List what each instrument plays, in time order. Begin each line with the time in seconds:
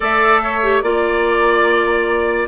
0.00 bassoon A3, clarinet A4, oboe D5, flute E5
0.43 oboe C#5
0.62 clarinet G4
0.81 bassoon A#3, clarinet F4, flute D5, oboe D5